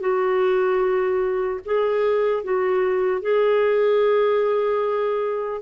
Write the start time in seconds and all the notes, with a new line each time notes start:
0.00 F#4
1.65 G#4
2.43 F#4
3.21 G#4